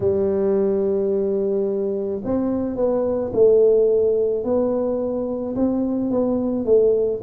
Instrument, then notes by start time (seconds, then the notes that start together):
tuba
0.00 G3
2.24 C4
2.75 B3
3.33 A3
4.43 B3
5.55 C4
6.11 B3
6.65 A3